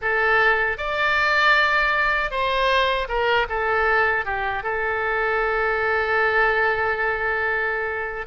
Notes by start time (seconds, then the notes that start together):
0.01 A4
0.77 D5
2.30 C5
3.08 A#4
3.49 A4
4.25 G4
4.63 A4